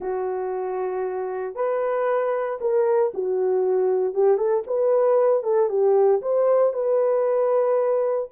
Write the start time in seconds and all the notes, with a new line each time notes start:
0.00 F#4
1.55 B4
2.61 A#4
3.14 F#4
4.14 G4
4.37 A4
4.66 B4
5.43 A4
5.69 G4
6.21 C5
6.73 B4